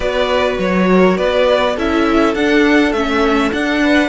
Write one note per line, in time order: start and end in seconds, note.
0.00 0.57 B3
0.00 1.76 F#4
0.00 0.88 B4
0.00 0.57 D5
0.59 1.17 F#3
0.59 1.17 C#5
0.91 1.17 A#4
1.17 1.77 B3
1.17 1.75 B4
1.17 1.76 D5
1.75 2.35 C#4
1.75 2.36 E4
1.75 3.81 A4
1.75 2.34 E5
2.34 2.92 D4
2.34 2.95 D4
2.34 2.92 F#5
2.92 3.51 A3
2.92 3.53 C#4
2.92 3.51 E5
3.52 4.09 D4
3.52 4.09 F#5
3.81 4.09 B4